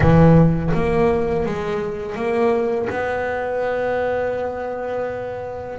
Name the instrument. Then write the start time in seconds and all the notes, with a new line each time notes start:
double bass
0.00 E3
0.74 A#3
1.45 G#3
2.15 A#3
2.89 B3